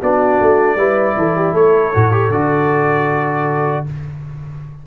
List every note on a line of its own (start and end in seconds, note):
0.00 0.40 B3
0.00 0.78 D4
0.00 0.76 F#4
0.00 1.55 D5
0.41 0.77 A3
0.76 1.15 G3
0.76 1.93 E4
0.76 1.15 B4
1.17 1.54 E3
1.17 1.36 A4
1.36 1.53 G4
1.53 1.92 A3
1.53 3.84 A4
1.53 2.32 C#5
1.94 2.30 A2
1.94 2.12 F#4
2.12 2.31 G4
2.30 3.84 D3
2.30 3.87 F#4
2.30 3.86 D5